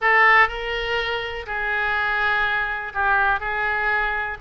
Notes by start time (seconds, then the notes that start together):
0.01 A4
0.48 A#4
1.46 G#4
2.94 G4
3.40 G#4